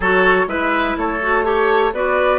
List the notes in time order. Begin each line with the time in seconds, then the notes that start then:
0.00 F#3 F#4 A4 C#5
0.47 G#3 E4 B4 E5
0.96 A3 A4 C#5
1.22 F#4
1.43 G4 A4 C#5
1.93 B3 F#4 B4 D5